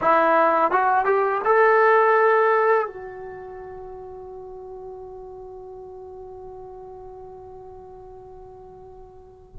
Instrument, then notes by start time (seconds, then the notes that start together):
trombone
0.01 E4
0.71 F#4
1.05 G4
1.45 A4
2.87 F#4